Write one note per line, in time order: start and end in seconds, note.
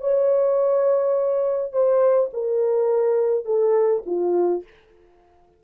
0.00 1.72 C#5
1.72 2.30 C5
2.33 3.45 A#4
3.45 4.03 A4
4.06 4.64 F4